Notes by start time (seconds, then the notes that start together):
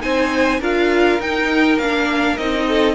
0.00 C4 D#4 C5 G#5
0.59 D4 F4 A#4 F5
1.20 D#4 G5
1.78 A#3 D4 F5
2.37 C4 D#4 D#5
2.68 A4